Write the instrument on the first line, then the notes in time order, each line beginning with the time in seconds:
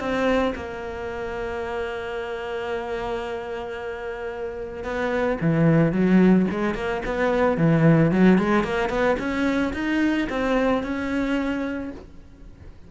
cello
0.00 C4
0.55 A#3
4.84 B3
5.41 E3
5.92 F#3
6.51 G#3
6.75 A#3
7.06 B3
7.58 E3
8.12 F#3
8.38 G#3
8.64 A#3
8.89 B3
9.19 C#4
9.74 D#4
10.30 C4
10.83 C#4